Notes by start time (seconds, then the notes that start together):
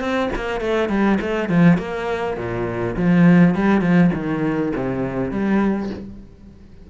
0.00 C4
0.35 A#3
0.61 A3
0.89 G3
1.21 A3
1.49 F3
1.78 A#3
2.37 A#2
2.96 F3
3.55 G3
3.81 F3
4.14 D#3
4.75 C3
5.31 G3